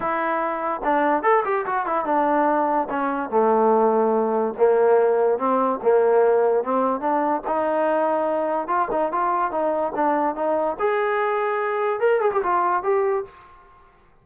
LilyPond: \new Staff \with { instrumentName = "trombone" } { \time 4/4 \tempo 4 = 145 e'2 d'4 a'8 g'8 | fis'8 e'8 d'2 cis'4 | a2. ais4~ | ais4 c'4 ais2 |
c'4 d'4 dis'2~ | dis'4 f'8 dis'8 f'4 dis'4 | d'4 dis'4 gis'2~ | gis'4 ais'8 gis'16 g'16 f'4 g'4 | }